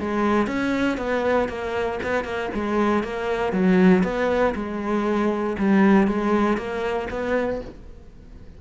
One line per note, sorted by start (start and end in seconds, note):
0.00 0.48 G#3
0.48 0.98 C#4
0.98 1.49 B3
1.49 2.00 A#3
2.03 2.24 B3
2.24 2.50 A#3
2.54 3.04 G#3
3.04 3.53 A#3
3.53 4.04 F#3
4.04 4.54 B3
4.55 5.57 G#3
5.59 6.08 G3
6.08 6.58 G#3
6.58 7.09 A#3
7.10 7.61 B3